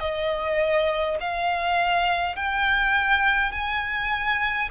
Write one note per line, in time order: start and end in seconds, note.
0.00 1.18 D#5
1.20 2.36 F5
2.36 3.52 G5
3.52 4.70 G#5